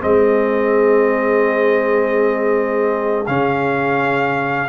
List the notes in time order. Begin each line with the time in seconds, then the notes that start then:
0.00 G#3 C4 G#4 D#5
3.27 C#3 C#4 F5